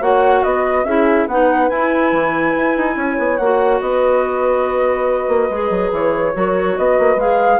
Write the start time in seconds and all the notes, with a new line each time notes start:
0.00 A#3 F#4 C#5 F#5
0.44 B3 B4 D#5
0.85 C#4 E4 G#4 E5
1.27 B3 D#4 B4 F#5
1.69 E4 G#5
2.12 E3
2.56 E4
2.77 D#4
2.97 C#4 C#5
3.19 B3
3.37 A#3 F#4 F#5
3.80 B3 B4 D#5
5.28 A#3
5.50 G#3 G#4
5.70 F#3
5.92 E3 C#5
6.34 F#3 F#4 A#4
6.78 B3 B4 D#5
6.99 A#3
7.16 G#3 G#4 F5